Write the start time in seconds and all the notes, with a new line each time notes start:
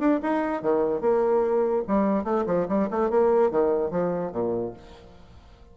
0.00 D4
0.23 D#4
0.62 D#3
1.01 A#3
1.88 G3
2.25 A3
2.47 F3
2.69 G3
2.91 A3
3.11 A#3
3.51 D#3
3.91 F3
4.32 A#2